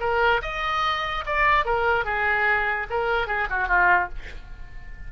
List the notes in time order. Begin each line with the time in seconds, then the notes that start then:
0.00 A#4
0.42 D#5
1.26 D5
1.65 A#4
2.05 G#4
2.90 A#4
3.27 G#4
3.50 F#4
3.68 F4